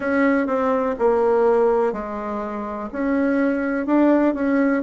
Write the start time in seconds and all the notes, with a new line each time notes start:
0.00 C#4
0.46 C4
0.99 A#3
1.93 G#3
2.92 C#4
3.86 D4
4.34 C#4